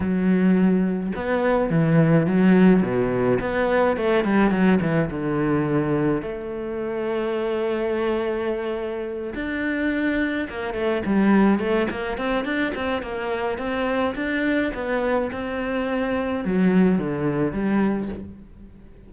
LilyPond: \new Staff \with { instrumentName = "cello" } { \time 4/4 \tempo 4 = 106 fis2 b4 e4 | fis4 b,4 b4 a8 g8 | fis8 e8 d2 a4~ | a1~ |
a8 d'2 ais8 a8 g8~ | g8 a8 ais8 c'8 d'8 c'8 ais4 | c'4 d'4 b4 c'4~ | c'4 fis4 d4 g4 | }